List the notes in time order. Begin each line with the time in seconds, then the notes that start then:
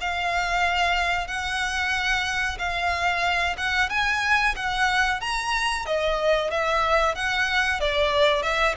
0.00 F5
1.27 F#5
2.58 F5
3.57 F#5
3.89 G#5
4.55 F#5
5.20 A#5
5.85 D#5
6.50 E5
7.15 F#5
7.80 D5
8.42 E5